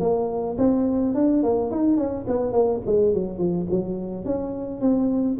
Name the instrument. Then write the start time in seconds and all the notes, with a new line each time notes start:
tuba
0.00 A#3
0.58 C4
1.15 D4
1.43 A#3
1.71 D#4
1.97 C#4
2.27 B3
2.52 A#3
2.86 G#3
3.14 F#3
3.38 F3
3.70 F#3
4.25 C#4
4.81 C4